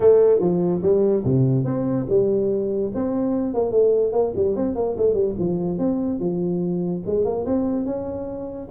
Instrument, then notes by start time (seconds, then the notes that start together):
tuba
0.00 A3
0.39 F3
0.82 G3
1.24 C3
1.65 C4
2.09 G3
2.94 C4
3.53 A#3
3.71 A3
4.12 A#3
4.35 G3
4.56 C4
4.75 A#3
4.97 A3
5.14 G3
5.38 F3
5.78 C4
6.19 F3
7.06 G#3
7.24 A#3
7.45 C4
7.85 C#4